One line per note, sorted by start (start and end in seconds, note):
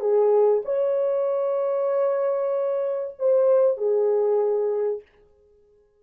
0.00 0.62 G#4
0.65 3.15 C#5
3.19 3.77 C5
3.77 5.02 G#4